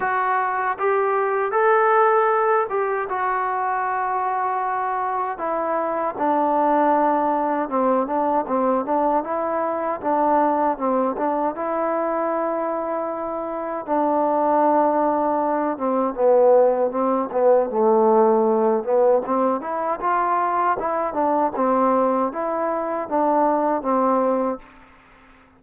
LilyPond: \new Staff \with { instrumentName = "trombone" } { \time 4/4 \tempo 4 = 78 fis'4 g'4 a'4. g'8 | fis'2. e'4 | d'2 c'8 d'8 c'8 d'8 | e'4 d'4 c'8 d'8 e'4~ |
e'2 d'2~ | d'8 c'8 b4 c'8 b8 a4~ | a8 b8 c'8 e'8 f'4 e'8 d'8 | c'4 e'4 d'4 c'4 | }